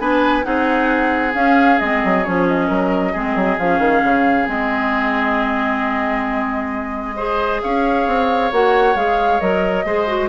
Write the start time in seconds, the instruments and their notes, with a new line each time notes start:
0.00 bassoon B3, clarinet D4, oboe B4, flute G#5
0.43 bassoon C4, clarinet D#4, oboe G#4, flute F#5
1.35 clarinet C#4, bassoon C#4, flute F5
1.80 bassoon G#3, clarinet C4, flute D#5
2.05 bassoon F#3
2.24 bassoon F3, clarinet C#4, flute C#5
2.47 flute D#5
2.68 bassoon F#3, oboe A#4
3.13 bassoon G#3, clarinet C4, oboe G#4
3.36 bassoon F#3
3.59 bassoon F3, clarinet C#4, flute F5
3.79 bassoon D#3
4.04 bassoon C#3
4.46 bassoon G#3, clarinet C4, flute D#5
7.17 clarinet G#4, oboe C5
7.62 bassoon C#4, oboe C#5, flute F5
8.07 bassoon C4
8.52 bassoon A#3, clarinet F#4, flute F#5
8.95 bassoon G#3, clarinet G#4, flute F5
9.41 bassoon F#3, clarinet A#4, flute D#5
9.85 bassoon G#3, clarinet G#4, oboe C5
10.07 clarinet F#4